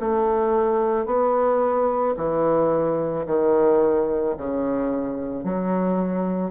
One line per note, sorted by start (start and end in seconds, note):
0.00 1.06 A3
1.06 2.15 B3
2.17 3.26 E3
3.27 4.36 D#3
4.38 5.44 C#3
5.44 6.52 F#3